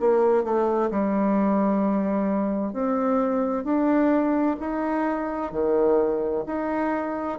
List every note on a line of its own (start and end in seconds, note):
0.00 0.44 A#3
0.44 0.90 A3
0.91 2.73 G3
2.73 3.64 C4
3.64 4.57 D4
4.60 5.52 D#4
5.52 6.44 D#3
6.46 7.38 D#4